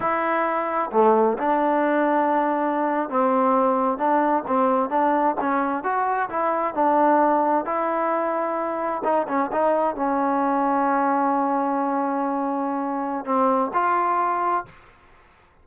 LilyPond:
\new Staff \with { instrumentName = "trombone" } { \time 4/4 \tempo 4 = 131 e'2 a4 d'4~ | d'2~ d'8. c'4~ c'16~ | c'8. d'4 c'4 d'4 cis'16~ | cis'8. fis'4 e'4 d'4~ d'16~ |
d'8. e'2. dis'16~ | dis'16 cis'8 dis'4 cis'2~ cis'16~ | cis'1~ | cis'4 c'4 f'2 | }